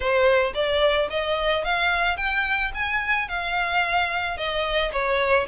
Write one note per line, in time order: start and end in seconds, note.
0.00 0.53 C5
0.54 1.09 D5
1.10 1.64 D#5
1.64 2.17 F5
2.17 2.71 G5
2.74 3.28 G#5
3.28 4.37 F5
4.37 4.91 D#5
4.92 5.47 C#5